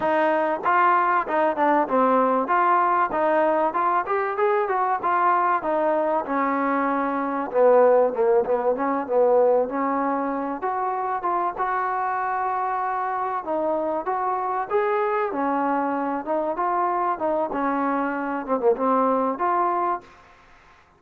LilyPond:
\new Staff \with { instrumentName = "trombone" } { \time 4/4 \tempo 4 = 96 dis'4 f'4 dis'8 d'8 c'4 | f'4 dis'4 f'8 g'8 gis'8 fis'8 | f'4 dis'4 cis'2 | b4 ais8 b8 cis'8 b4 cis'8~ |
cis'4 fis'4 f'8 fis'4.~ | fis'4. dis'4 fis'4 gis'8~ | gis'8 cis'4. dis'8 f'4 dis'8 | cis'4. c'16 ais16 c'4 f'4 | }